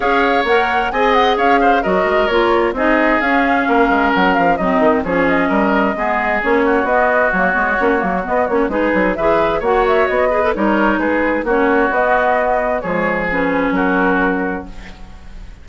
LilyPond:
<<
  \new Staff \with { instrumentName = "flute" } { \time 4/4 \tempo 4 = 131 f''4 fis''4 gis''8 fis''8 f''4 | dis''4 cis''4 dis''4 f''4~ | f''4 fis''8 f''8 dis''4 cis''8 dis''8~ | dis''2 cis''4 dis''4 |
cis''2 dis''8 cis''8 b'4 | e''4 fis''8 e''8 dis''4 cis''4 | b'4 cis''4 dis''2 | cis''4 b'4 ais'2 | }
  \new Staff \with { instrumentName = "oboe" } { \time 4/4 cis''2 dis''4 cis''8 c''8 | ais'2 gis'2 | ais'2 dis'4 gis'4 | ais'4 gis'4. fis'4.~ |
fis'2. gis'4 | b'4 cis''4. b'8 ais'4 | gis'4 fis'2. | gis'2 fis'2 | }
  \new Staff \with { instrumentName = "clarinet" } { \time 4/4 gis'4 ais'4 gis'2 | fis'4 f'4 dis'4 cis'4~ | cis'2 c'4 cis'4~ | cis'4 b4 cis'4 b4 |
ais8 b8 cis'8 ais8 b8 cis'8 dis'4 | gis'4 fis'4. gis'16 a'16 dis'4~ | dis'4 cis'4 b2 | gis4 cis'2. | }
  \new Staff \with { instrumentName = "bassoon" } { \time 4/4 cis'4 ais4 c'4 cis'4 | fis8 gis8 ais4 c'4 cis'4 | ais8 gis8 fis8 f8 fis8 dis8 f4 | g4 gis4 ais4 b4 |
fis8 gis8 ais8 fis8 b8 ais8 gis8 fis8 | e4 ais4 b4 g4 | gis4 ais4 b2 | f2 fis2 | }
>>